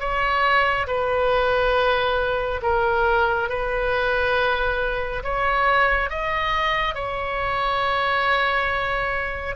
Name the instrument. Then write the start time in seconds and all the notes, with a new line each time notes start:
oboe
0.00 C#5
0.87 B4
2.63 A#4
3.49 B4
5.24 C#5
6.10 D#5
6.95 C#5